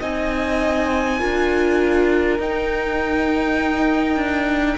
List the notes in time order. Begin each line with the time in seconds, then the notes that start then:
0.00 C4 D#4 D#5 G#5
1.19 D4 F4 A#4
2.39 D#4 G5
4.16 D4